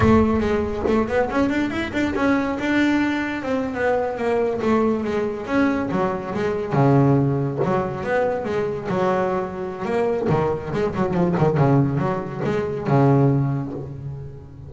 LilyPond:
\new Staff \with { instrumentName = "double bass" } { \time 4/4 \tempo 4 = 140 a4 gis4 a8 b8 cis'8 d'8 | e'8 d'8 cis'4 d'2 | c'8. b4 ais4 a4 gis16~ | gis8. cis'4 fis4 gis4 cis16~ |
cis4.~ cis16 fis4 b4 gis16~ | gis8. fis2~ fis16 ais4 | dis4 gis8 fis8 f8 dis8 cis4 | fis4 gis4 cis2 | }